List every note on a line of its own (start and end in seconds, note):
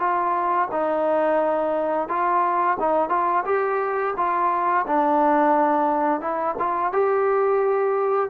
0.00 0.69 F4
0.72 2.09 D#4
2.09 2.78 F4
2.80 3.10 D#4
3.10 3.44 F4
3.45 4.14 G4
4.17 4.86 F4
4.87 6.21 D4
6.21 6.56 E4
6.59 6.93 F4
6.93 8.30 G4